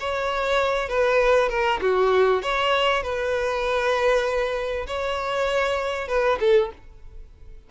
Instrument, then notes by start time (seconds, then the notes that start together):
violin
0.00 C#5
0.89 B4
1.50 A#4
1.81 F#4
2.42 C#5
3.03 B4
4.87 C#5
6.08 B4
6.40 A4